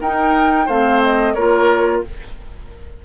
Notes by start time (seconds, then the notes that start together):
0.00 D#4 A#4 G5
0.66 A3 C4 C5 F5
1.03 D#5
1.34 A#3 F4 A#4 C#5